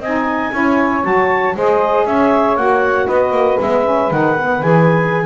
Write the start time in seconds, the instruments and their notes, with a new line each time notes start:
0.00 double bass C4, saxophone D#4 D#5, clarinet G#5
0.52 double bass C#4, saxophone E4 C#5
1.02 double bass F#3, saxophone F#4, clarinet A5
1.55 double bass G#3, saxophone G#4 C5, clarinet D#5
2.05 double bass C#4, saxophone C#5, clarinet E5
2.57 double bass A#3, saxophone F#4, clarinet F#5
3.06 double bass B3, saxophone B4, clarinet D#5
3.32 double bass A#3
3.60 double bass G#3, saxophone B3, clarinet E5
3.85 saxophone C#4
4.11 double bass D#3, saxophone D#4, clarinet F#5
4.37 saxophone B3
4.62 double bass E3, saxophone G#4, clarinet G#5